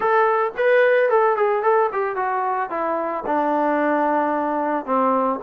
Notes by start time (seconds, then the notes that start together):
0.00 A4
0.57 B4
1.09 A4
1.36 G#4
1.62 A4
1.92 G4
2.16 F#4
2.70 E4
3.26 D4
4.85 C4